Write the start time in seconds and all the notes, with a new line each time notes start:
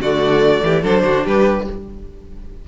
0.00 D3 A3 F#4 D5
0.62 E3 G4
0.82 F#3 D4 A4 C5
1.04 D3 F#4
1.25 G3 G4 B4